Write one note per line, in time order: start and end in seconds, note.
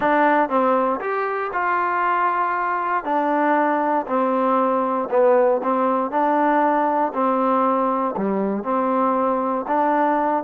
0.00 0.49 D4
0.49 1.00 C4
1.00 1.51 G4
1.53 3.04 F4
3.04 4.05 D4
4.07 5.08 C4
5.10 5.61 B3
5.63 6.10 C4
6.10 7.12 D4
7.13 8.15 C4
8.16 8.63 G3
8.63 9.65 C4
9.67 10.43 D4